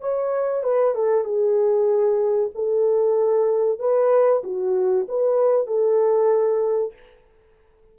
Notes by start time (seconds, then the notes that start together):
0.00 C#5
0.63 B4
0.94 A4
1.24 G#4
2.55 A4
3.79 B4
4.43 F#4
5.08 B4
5.66 A4